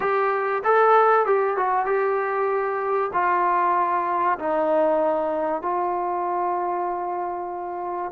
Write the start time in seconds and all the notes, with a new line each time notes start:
0.00 G4
0.63 A4
1.26 G4
1.56 F#4
1.85 G4
3.13 F4
4.38 D#4
5.61 F4